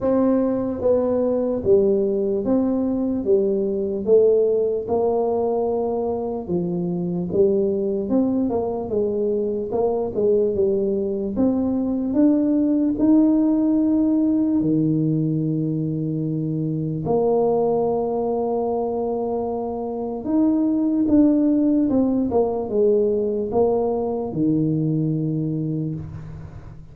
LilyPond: \new Staff \with { instrumentName = "tuba" } { \time 4/4 \tempo 4 = 74 c'4 b4 g4 c'4 | g4 a4 ais2 | f4 g4 c'8 ais8 gis4 | ais8 gis8 g4 c'4 d'4 |
dis'2 dis2~ | dis4 ais2.~ | ais4 dis'4 d'4 c'8 ais8 | gis4 ais4 dis2 | }